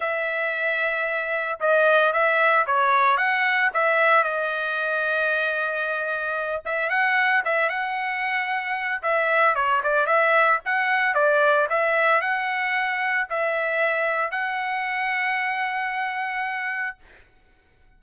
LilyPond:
\new Staff \with { instrumentName = "trumpet" } { \time 4/4 \tempo 4 = 113 e''2. dis''4 | e''4 cis''4 fis''4 e''4 | dis''1~ | dis''8 e''8 fis''4 e''8 fis''4.~ |
fis''4 e''4 cis''8 d''8 e''4 | fis''4 d''4 e''4 fis''4~ | fis''4 e''2 fis''4~ | fis''1 | }